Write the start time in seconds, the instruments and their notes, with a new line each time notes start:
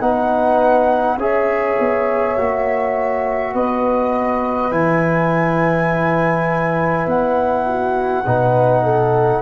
0.00 tuba B3, trombone D#4, horn B4, flute F#5
1.17 tuba C#4, trombone G#4, horn C#5, flute E5
1.79 tuba B3
2.37 tuba A#3, trombone F#4
3.53 tuba B3, horn B4, flute D#5
4.71 tuba E3, trombone E4, flute G#5
7.06 tuba B3, flute F#5
7.66 horn F#4
8.25 tuba B2, trombone D#4, horn B4
8.83 horn A4